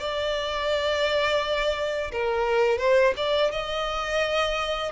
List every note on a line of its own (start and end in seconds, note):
0.00 2.12 D5
2.12 2.79 A#4
2.79 3.14 C5
3.17 3.52 D5
3.52 4.92 D#5